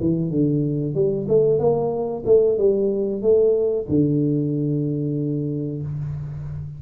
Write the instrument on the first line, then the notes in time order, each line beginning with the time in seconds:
tuba
0.00 E3
0.30 D3
0.94 G3
1.28 A3
1.59 A#3
2.25 A3
2.57 G3
3.22 A3
3.89 D3